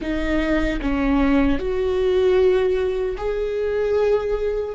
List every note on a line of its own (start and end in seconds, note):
0.01 0.80 D#4
0.81 1.58 C#4
1.58 3.16 F#4
3.17 4.75 G#4